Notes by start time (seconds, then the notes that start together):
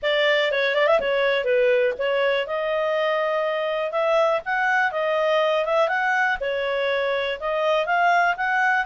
0.02 D5
0.51 C#5
0.75 D5
0.87 E5
1.00 C#5
1.44 B4
1.98 C#5
2.46 D#5
3.91 E5
4.45 F#5
4.91 D#5
5.65 E5
5.88 F#5
6.40 C#5
7.40 D#5
7.86 F5
8.37 F#5